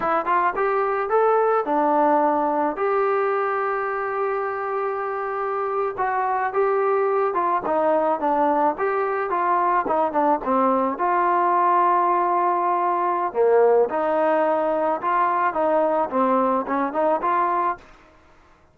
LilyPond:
\new Staff \with { instrumentName = "trombone" } { \time 4/4 \tempo 4 = 108 e'8 f'8 g'4 a'4 d'4~ | d'4 g'2.~ | g'2~ g'8. fis'4 g'16~ | g'4~ g'16 f'8 dis'4 d'4 g'16~ |
g'8. f'4 dis'8 d'8 c'4 f'16~ | f'1 | ais4 dis'2 f'4 | dis'4 c'4 cis'8 dis'8 f'4 | }